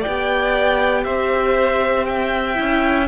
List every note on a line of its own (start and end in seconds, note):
0.00 1.02 D5
0.00 1.04 G5
0.07 1.06 B3
0.07 2.54 G4
1.04 2.58 C4
1.04 2.07 C5
1.04 2.06 E5
2.06 3.07 E5
2.06 3.07 G5
2.54 3.07 C#4
2.54 3.05 E4